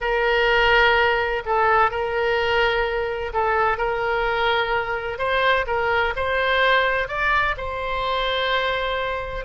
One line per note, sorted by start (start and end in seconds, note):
0.01 1.42 A#4
1.45 1.90 A4
1.90 3.32 A#4
3.33 3.77 A4
3.77 5.18 A#4
5.18 5.65 C5
5.66 6.14 A#4
6.15 7.08 C5
7.08 7.55 D5
7.57 9.45 C5